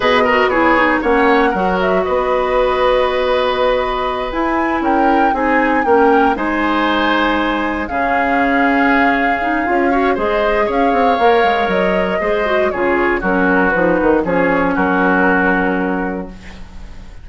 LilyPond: <<
  \new Staff \with { instrumentName = "flute" } { \time 4/4 \tempo 4 = 118 dis''4 cis''4 fis''4. e''8 | dis''1~ | dis''8 gis''4 g''4 gis''4 g''8~ | g''8 gis''2. f''8~ |
f''1 | dis''4 f''2 dis''4~ | dis''4 cis''4 ais'4 b'4 | cis''4 ais'2. | }
  \new Staff \with { instrumentName = "oboe" } { \time 4/4 b'8 ais'8 gis'4 cis''4 ais'4 | b'1~ | b'4. ais'4 gis'4 ais'8~ | ais'8 c''2. gis'8~ |
gis'2.~ gis'8 cis''8 | c''4 cis''2. | c''4 gis'4 fis'2 | gis'4 fis'2. | }
  \new Staff \with { instrumentName = "clarinet" } { \time 4/4 gis'8 fis'8 e'8 dis'8 cis'4 fis'4~ | fis'1~ | fis'8 e'2 dis'4 cis'8~ | cis'8 dis'2. cis'8~ |
cis'2~ cis'8 dis'8 f'8 fis'8 | gis'2 ais'2 | gis'8 fis'8 f'4 cis'4 dis'4 | cis'1 | }
  \new Staff \with { instrumentName = "bassoon" } { \time 4/4 b,4 b4 ais4 fis4 | b1~ | b8 e'4 cis'4 c'4 ais8~ | ais8 gis2. cis8~ |
cis2. cis'4 | gis4 cis'8 c'8 ais8 gis8 fis4 | gis4 cis4 fis4 f8 dis8 | f4 fis2. | }
>>